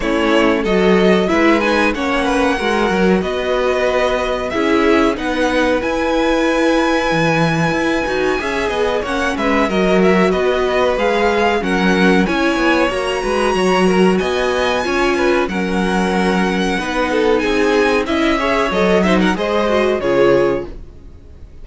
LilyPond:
<<
  \new Staff \with { instrumentName = "violin" } { \time 4/4 \tempo 4 = 93 cis''4 dis''4 e''8 gis''8 fis''4~ | fis''4 dis''2 e''4 | fis''4 gis''2.~ | gis''2 fis''8 e''8 dis''8 e''8 |
dis''4 f''4 fis''4 gis''4 | ais''2 gis''2 | fis''2. gis''4 | e''4 dis''8 e''16 fis''16 dis''4 cis''4 | }
  \new Staff \with { instrumentName = "violin" } { \time 4/4 e'4 a'4 b'4 cis''8 b'8 | ais'4 b'2 gis'4 | b'1~ | b'4 e''8 dis''8 cis''8 b'8 ais'4 |
b'2 ais'4 cis''4~ | cis''8 b'8 cis''8 ais'8 dis''4 cis''8 b'8 | ais'2 b'8 a'8 gis'4 | dis''8 cis''4 c''16 ais'16 c''4 gis'4 | }
  \new Staff \with { instrumentName = "viola" } { \time 4/4 cis'4 fis'4 e'8 dis'8 cis'4 | fis'2. e'4 | dis'4 e'2.~ | e'8 fis'8 gis'4 cis'4 fis'4~ |
fis'4 gis'4 cis'4 e'4 | fis'2. f'4 | cis'2 dis'2 | e'8 gis'8 a'8 dis'8 gis'8 fis'8 f'4 | }
  \new Staff \with { instrumentName = "cello" } { \time 4/4 a4 fis4 gis4 ais4 | gis8 fis8 b2 cis'4 | b4 e'2 e4 | e'8 dis'8 cis'8 b8 ais8 gis8 fis4 |
b4 gis4 fis4 cis'8 b8 | ais8 gis8 fis4 b4 cis'4 | fis2 b4 c'4 | cis'4 fis4 gis4 cis4 | }
>>